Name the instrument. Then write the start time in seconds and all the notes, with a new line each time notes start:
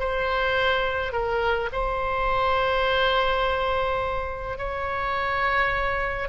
oboe
0.00 C5
1.13 A#4
1.73 C5
4.58 C#5